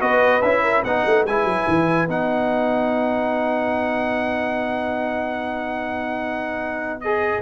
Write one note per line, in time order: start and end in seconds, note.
0.00 0.42 B3
0.00 0.41 F#4
0.00 0.63 B4
0.00 0.42 D#5
0.42 0.83 C#4
0.42 0.85 E4
0.42 0.83 E5
0.63 0.83 A#4
0.83 1.04 B3
0.83 1.27 D#4
0.83 7.40 B4
0.83 1.25 F#5
1.05 1.24 A3
1.24 1.44 G#3
1.24 2.08 E4
1.24 2.08 G#5
1.44 1.65 F#3
1.67 2.08 E3
2.08 7.41 B3
2.08 7.01 D#4
2.08 7.00 F#5
7.00 7.41 G#4
7.00 7.41 D#5